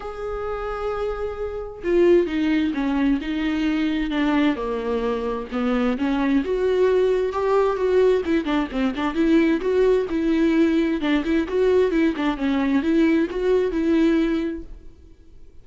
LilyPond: \new Staff \with { instrumentName = "viola" } { \time 4/4 \tempo 4 = 131 gis'1 | f'4 dis'4 cis'4 dis'4~ | dis'4 d'4 ais2 | b4 cis'4 fis'2 |
g'4 fis'4 e'8 d'8 c'8 d'8 | e'4 fis'4 e'2 | d'8 e'8 fis'4 e'8 d'8 cis'4 | e'4 fis'4 e'2 | }